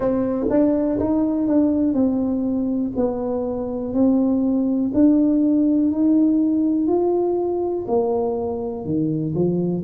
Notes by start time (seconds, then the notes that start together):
0.00 C4
0.50 D4
0.99 D#4
1.48 D4
1.93 C4
2.96 B3
3.93 C4
4.94 D4
5.91 D#4
6.87 F4
7.87 A#3
8.84 D#3
9.34 F3